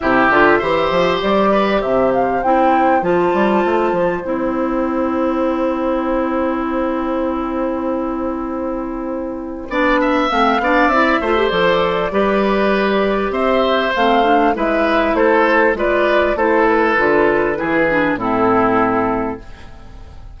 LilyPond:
<<
  \new Staff \with { instrumentName = "flute" } { \time 4/4 \tempo 4 = 99 e''2 d''4 e''8 f''8 | g''4 a''2 g''4~ | g''1~ | g''1~ |
g''4 f''4 e''4 d''4~ | d''2 e''4 f''4 | e''4 c''4 d''4 c''8 b'8~ | b'2 a'2 | }
  \new Staff \with { instrumentName = "oboe" } { \time 4/4 g'4 c''4. b'8 c''4~ | c''1~ | c''1~ | c''1 |
d''8 e''4 d''4 c''4. | b'2 c''2 | b'4 a'4 b'4 a'4~ | a'4 gis'4 e'2 | }
  \new Staff \with { instrumentName = "clarinet" } { \time 4/4 e'8 f'8 g'2. | e'4 f'2 e'4~ | e'1~ | e'1 |
d'4 c'8 d'8 e'8 f'16 g'16 a'4 | g'2. c'8 d'8 | e'2 f'4 e'4 | f'4 e'8 d'8 c'2 | }
  \new Staff \with { instrumentName = "bassoon" } { \time 4/4 c8 d8 e8 f8 g4 c4 | c'4 f8 g8 a8 f8 c'4~ | c'1~ | c'1 |
b4 a8 b8 c'8 a8 f4 | g2 c'4 a4 | gis4 a4 gis4 a4 | d4 e4 a,2 | }
>>